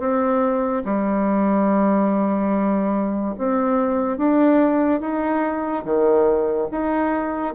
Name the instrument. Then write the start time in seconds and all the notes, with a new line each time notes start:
bassoon
0.00 C4
0.86 G3
3.38 C4
4.18 D4
5.01 D#4
5.85 D#3
6.72 D#4